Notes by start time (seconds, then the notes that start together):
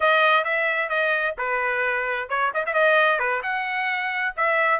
0.00 D#5
0.44 E5
0.89 D#5
1.37 B4
2.29 C#5
2.54 D#5
2.66 E5
2.73 D#5
3.19 B4
3.42 F#5
4.36 E5